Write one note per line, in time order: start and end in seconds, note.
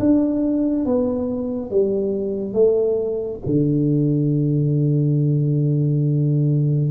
0.00 0.86 D4
0.86 1.71 B3
1.71 2.54 G3
2.54 3.41 A3
3.46 6.91 D3